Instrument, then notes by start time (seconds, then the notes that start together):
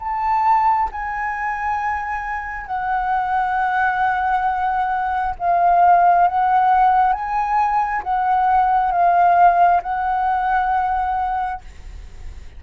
flute
0.00 A5
0.92 G#5
2.67 F#5
5.39 F5
6.28 F#5
7.13 G#5
8.04 F#5
8.92 F5
9.83 F#5